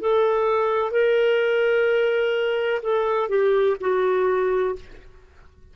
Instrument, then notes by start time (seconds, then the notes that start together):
clarinet
0.00 A4
0.90 A#4
2.82 A4
3.29 G4
3.80 F#4